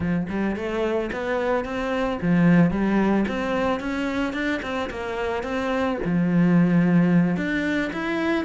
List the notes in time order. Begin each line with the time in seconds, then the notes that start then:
0.00 F3
0.29 G3
0.56 A3
1.12 B3
1.64 C4
2.21 F3
2.70 G3
3.28 C4
3.80 C#4
4.33 D4
4.62 C4
4.90 A#3
5.43 C4
6.04 F3
7.36 D4
7.92 E4